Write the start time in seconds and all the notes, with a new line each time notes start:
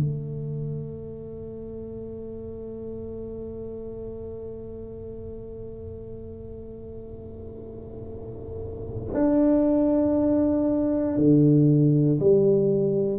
0.00 A3
9.14 D4
11.18 D3
12.20 G3